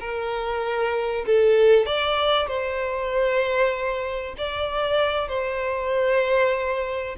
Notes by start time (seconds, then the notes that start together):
0.00 A#4
1.26 A4
1.86 D5
2.47 C5
4.37 D5
5.28 C5